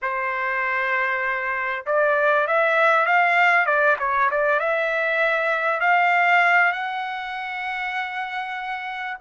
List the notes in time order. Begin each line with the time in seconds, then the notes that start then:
0.02 C5
1.86 D5
2.47 E5
3.06 F5
3.65 D5
3.99 C#5
4.31 D5
4.59 E5
5.80 F5
6.72 F#5